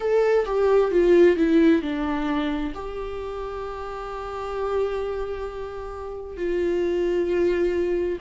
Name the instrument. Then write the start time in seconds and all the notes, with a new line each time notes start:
viola
0.00 A4
0.45 G4
0.91 F4
1.36 E4
1.81 D4
2.74 G4
6.36 F4